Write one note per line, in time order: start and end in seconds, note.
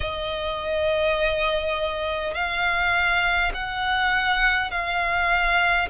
0.00 2.34 D#5
2.34 3.52 F5
3.53 4.71 F#5
4.71 5.88 F5